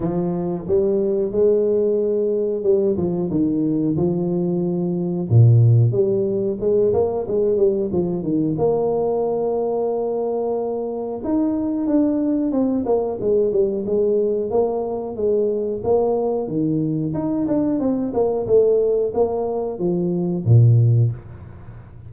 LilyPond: \new Staff \with { instrumentName = "tuba" } { \time 4/4 \tempo 4 = 91 f4 g4 gis2 | g8 f8 dis4 f2 | ais,4 g4 gis8 ais8 gis8 g8 | f8 dis8 ais2.~ |
ais4 dis'4 d'4 c'8 ais8 | gis8 g8 gis4 ais4 gis4 | ais4 dis4 dis'8 d'8 c'8 ais8 | a4 ais4 f4 ais,4 | }